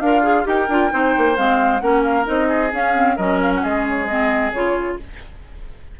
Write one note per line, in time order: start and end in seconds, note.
0.00 0.45 D4
0.00 0.48 F4
0.00 0.23 A#4
0.00 0.46 F5
0.23 0.44 G#4
0.44 0.69 D#4
0.44 0.67 G4
0.44 0.93 A#4
0.44 1.37 G5
0.69 0.92 D4
0.69 0.91 F4
0.91 1.16 C4
0.91 1.36 D#4
0.91 1.83 C5
1.18 1.38 A#3
1.37 1.82 G#3
1.37 1.81 C4
1.37 1.80 F5
1.80 2.27 A#3
1.80 2.25 C#4
1.80 2.49 A#4
1.80 2.03 F#5
2.03 2.26 F5
2.25 2.73 C4
2.25 2.70 D#4
2.25 2.73 D#5
2.49 3.16 G#4
2.73 3.18 C#4
2.73 2.94 C#4
2.73 3.18 F5
2.94 3.17 C4
3.16 3.63 F#3
3.16 4.09 C#4
3.16 3.61 A#4
3.16 3.40 D#5
3.42 3.53 F5
3.55 3.64 F#5
3.63 4.53 G#3
3.63 4.98 G#4
3.63 3.87 D#5
3.89 4.08 C#5
4.08 4.54 C4
4.08 4.53 D#5
4.53 4.98 C#3
4.53 5.00 F4
4.53 4.98 C#5